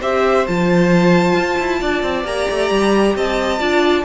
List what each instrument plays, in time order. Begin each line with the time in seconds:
0.00 cello C4, viola G4, violin C5 E5
0.47 cello F3, viola F4, violin A5
1.35 cello F4
1.59 cello E4
1.80 cello D4, violin D5
2.02 cello C4
2.24 cello A#3, viola G4, violin A#5
2.50 cello A3
2.70 cello G3
3.15 cello C4, violin D#5 A5
3.59 cello D4, viola F4, violin D5